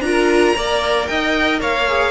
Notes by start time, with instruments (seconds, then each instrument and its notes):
0.00 cello D4, viola F4, violin A#5
0.06 violin A#4
0.56 cello A#3, viola A#4, violin D5
1.07 cello D#4, violin D#5 G5
1.60 cello A#3, violin C#5 F5
1.88 viola G#4